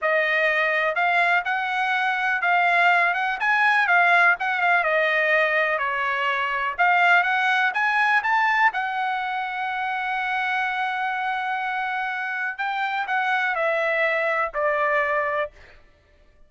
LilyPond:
\new Staff \with { instrumentName = "trumpet" } { \time 4/4 \tempo 4 = 124 dis''2 f''4 fis''4~ | fis''4 f''4. fis''8 gis''4 | f''4 fis''8 f''8 dis''2 | cis''2 f''4 fis''4 |
gis''4 a''4 fis''2~ | fis''1~ | fis''2 g''4 fis''4 | e''2 d''2 | }